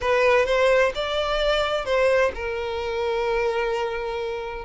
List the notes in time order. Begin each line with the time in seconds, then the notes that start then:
0.01 B4
0.45 C5
0.95 D5
1.85 C5
2.34 A#4